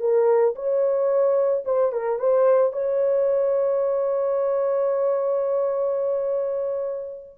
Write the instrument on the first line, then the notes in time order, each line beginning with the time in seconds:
horn
0.00 A#4
0.55 C#5
1.65 C5
1.92 A#4
2.19 C5
2.72 C#5